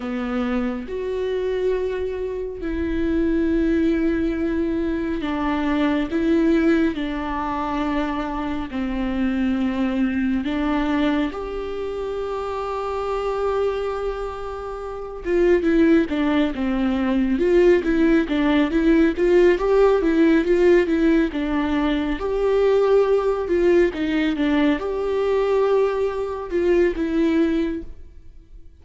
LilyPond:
\new Staff \with { instrumentName = "viola" } { \time 4/4 \tempo 4 = 69 b4 fis'2 e'4~ | e'2 d'4 e'4 | d'2 c'2 | d'4 g'2.~ |
g'4. f'8 e'8 d'8 c'4 | f'8 e'8 d'8 e'8 f'8 g'8 e'8 f'8 | e'8 d'4 g'4. f'8 dis'8 | d'8 g'2 f'8 e'4 | }